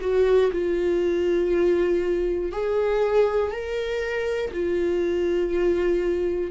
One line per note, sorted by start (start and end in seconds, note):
0.00 0.50 F#4
0.52 2.51 F4
2.51 3.51 G#4
3.51 4.51 A#4
4.53 6.51 F4